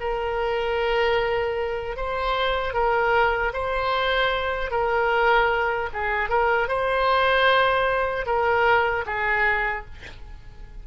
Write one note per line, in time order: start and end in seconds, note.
0.00 1.96 A#4
1.96 2.73 C5
2.73 3.52 A#4
3.53 4.71 C5
4.71 5.89 A#4
5.93 6.29 G#4
6.29 6.68 A#4
6.68 8.26 C5
8.26 9.05 A#4
9.06 9.85 G#4